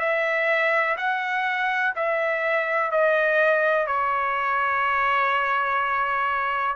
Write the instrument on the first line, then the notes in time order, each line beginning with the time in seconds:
trumpet
0.00 E5
0.98 F#5
1.96 E5
2.92 D#5
3.88 C#5